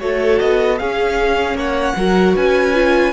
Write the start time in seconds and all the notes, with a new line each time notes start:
0.00 A3 F#4 A4 C#5
0.39 B3 D#5
0.78 C#4 G#4 F5
1.54 A#3 C#5 F#5
1.96 F#3 F#4 A#4
2.36 C#4 B4 G#5
2.74 F4